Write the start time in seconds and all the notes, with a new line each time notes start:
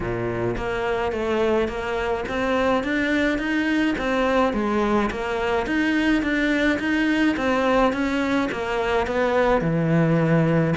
0.00 A#2
0.56 A#3
1.11 A3
1.67 A#3
2.28 C4
2.83 D4
3.38 D#4
3.98 C4
4.53 G#3
5.10 A#3
5.66 D#4
6.22 D4
6.79 D#4
7.36 C4
7.92 C#4
8.51 A#3
9.06 B3
9.61 E3